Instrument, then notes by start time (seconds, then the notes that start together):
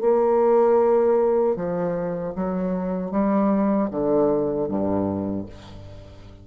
bassoon
0.00 A#3
1.55 F3
2.35 F#3
3.11 G3
3.90 D3
4.68 G2